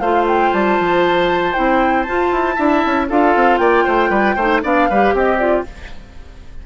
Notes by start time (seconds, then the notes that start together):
0.00 A3 F4 C5 F5
0.28 G5
0.53 G3 A5
0.80 F3
1.53 C4 E4 G5
2.03 F4 A5
2.32 E4
2.56 D4 E4 E5
2.86 C#4
3.09 D4 F4 A4 F5
3.36 C4
3.58 A#3 D5 G5
3.84 A3 C5
4.10 G3 B4
4.36 A3 D#4 C5
4.64 B3 D4 D5 F5
4.90 G3 G4 B4
5.14 C4 G4 D#5
5.38 F4 D5